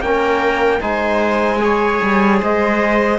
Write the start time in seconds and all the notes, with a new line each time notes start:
0.00 A#3 C#4 A#4 G5
0.80 G#3 D#4 C5 G#5
1.60 G#4 C#5
2.02 G3
2.40 G#3 C5 D#5